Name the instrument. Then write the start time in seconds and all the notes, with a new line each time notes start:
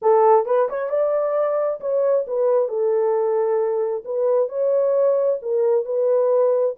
horn
0.01 A4
0.45 B4
0.69 C#5
0.89 D5
1.80 C#5
2.27 B4
2.68 A4
4.05 B4
4.48 C#5
5.41 A#4
5.85 B4